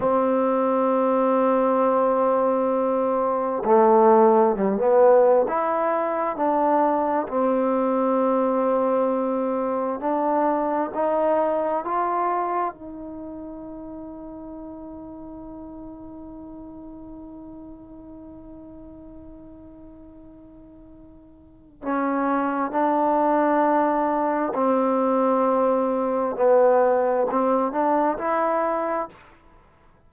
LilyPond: \new Staff \with { instrumentName = "trombone" } { \time 4/4 \tempo 4 = 66 c'1 | a4 g16 b8. e'4 d'4 | c'2. d'4 | dis'4 f'4 dis'2~ |
dis'1~ | dis'1 | cis'4 d'2 c'4~ | c'4 b4 c'8 d'8 e'4 | }